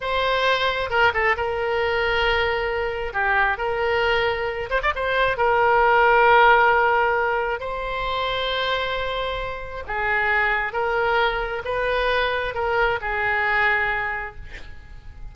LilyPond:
\new Staff \with { instrumentName = "oboe" } { \time 4/4 \tempo 4 = 134 c''2 ais'8 a'8 ais'4~ | ais'2. g'4 | ais'2~ ais'8 c''16 d''16 c''4 | ais'1~ |
ais'4 c''2.~ | c''2 gis'2 | ais'2 b'2 | ais'4 gis'2. | }